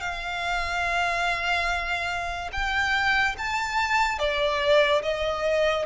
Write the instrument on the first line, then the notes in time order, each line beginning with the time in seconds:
violin
0.00 F5
2.52 G5
3.38 A5
4.19 D5
5.02 D#5